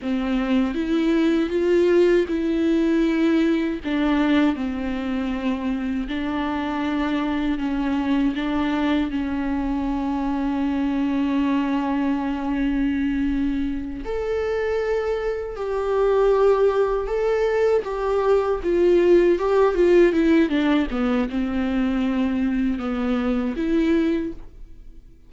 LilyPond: \new Staff \with { instrumentName = "viola" } { \time 4/4 \tempo 4 = 79 c'4 e'4 f'4 e'4~ | e'4 d'4 c'2 | d'2 cis'4 d'4 | cis'1~ |
cis'2~ cis'8 a'4.~ | a'8 g'2 a'4 g'8~ | g'8 f'4 g'8 f'8 e'8 d'8 b8 | c'2 b4 e'4 | }